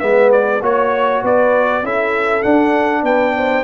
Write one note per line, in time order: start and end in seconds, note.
0.00 0.62 G#3
0.00 0.61 B3
0.00 0.62 B4
0.00 0.31 E5
0.32 0.63 D5
0.62 1.23 A#3
0.62 1.84 F#4
0.62 1.22 C#5
0.62 1.25 C#5
1.22 1.83 B3
1.22 1.82 B4
1.22 1.86 D5
1.83 2.44 C#4
1.83 2.44 E4
1.83 3.03 A4
1.83 2.43 E5
2.43 3.64 D4
2.43 3.03 D4
2.43 3.04 F#5
3.03 3.64 B3
3.03 3.33 B4
3.03 3.64 G5
3.36 3.64 C5